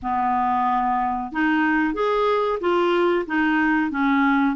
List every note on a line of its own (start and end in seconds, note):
0.02 1.32 B3
1.32 1.94 D#4
1.94 2.59 G#4
2.60 3.25 F4
3.26 3.90 D#4
3.90 4.55 C#4